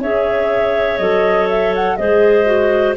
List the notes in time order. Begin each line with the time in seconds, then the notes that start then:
0.00 C#4 G#4 C#5 E5
0.98 F#3 A4 D#5
1.49 E5
1.75 F#5
1.96 G#3 G#4 C5 D#5
2.45 F#4